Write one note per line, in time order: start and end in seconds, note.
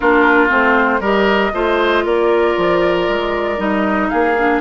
0.00 0.50 A#3
0.00 0.48 D4
0.00 1.00 F4
0.00 0.49 A#4
0.48 1.00 A3
0.48 0.99 C4
0.48 1.03 C5
1.00 1.51 G3
1.00 1.53 G4
1.00 1.51 A#4
1.00 2.06 D#5
1.53 2.04 A3
1.53 3.57 F4
1.53 2.04 C5
2.04 2.56 A#3
2.04 4.09 A#4
2.04 3.59 D5
2.57 3.08 F3
3.08 3.58 G#3
3.57 4.09 G3
3.57 4.34 D#4
3.57 4.09 D#5
4.09 4.61 A#3
4.09 4.61 G#4
4.09 4.60 F5
4.38 4.61 D4